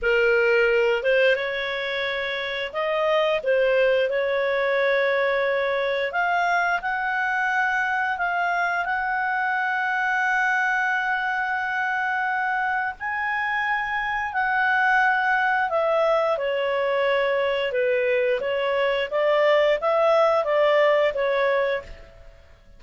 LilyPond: \new Staff \with { instrumentName = "clarinet" } { \time 4/4 \tempo 4 = 88 ais'4. c''8 cis''2 | dis''4 c''4 cis''2~ | cis''4 f''4 fis''2 | f''4 fis''2.~ |
fis''2. gis''4~ | gis''4 fis''2 e''4 | cis''2 b'4 cis''4 | d''4 e''4 d''4 cis''4 | }